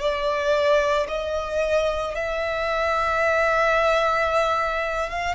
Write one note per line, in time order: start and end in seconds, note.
0.00 1.07 D5
1.08 2.15 D#5
2.15 5.10 E5
5.10 5.35 F5